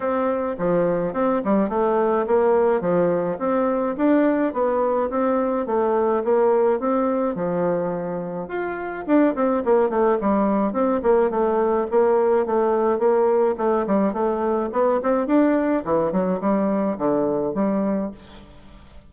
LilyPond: \new Staff \with { instrumentName = "bassoon" } { \time 4/4 \tempo 4 = 106 c'4 f4 c'8 g8 a4 | ais4 f4 c'4 d'4 | b4 c'4 a4 ais4 | c'4 f2 f'4 |
d'8 c'8 ais8 a8 g4 c'8 ais8 | a4 ais4 a4 ais4 | a8 g8 a4 b8 c'8 d'4 | e8 fis8 g4 d4 g4 | }